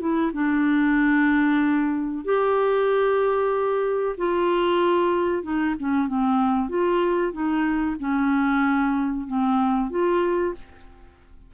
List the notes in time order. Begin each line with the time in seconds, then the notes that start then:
0.00 E4
0.33 D4
2.25 G4
4.18 F4
5.43 D#4
5.79 C#4
6.07 C4
6.69 F4
7.33 D#4
8.00 C#4
9.27 C4
9.91 F4